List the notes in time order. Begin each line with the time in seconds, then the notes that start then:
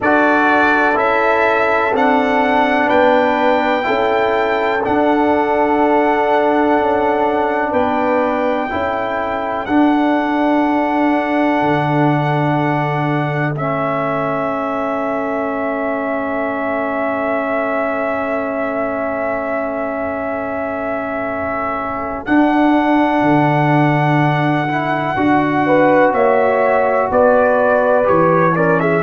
0.00 D4 F#4 A4 D5
0.95 C#4 E4 E5
1.93 C4 D4 F#5
2.87 B3 B4 G5
3.82 E4 A4
3.88 C#4
4.83 D4 F#5
6.79 C#4
7.71 B3 B4 G5
8.70 C#4 E4 A4
9.65 D4 F#5
11.61 D3
13.54 A3 C#4 E5
22.25 D4 F#5
23.21 D3
24.68 E4
25.16 D4 F#4
25.66 B4
26.12 A#3 C#5 E5
27.10 B3 B4 D5
28.03 E3 G4 C#5
28.55 C#4 A#4 D5
28.80 G#4 E5